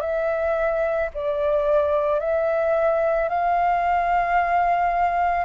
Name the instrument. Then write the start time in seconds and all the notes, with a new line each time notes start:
flute
0.00 E5
1.14 D5
2.19 E5
3.29 F5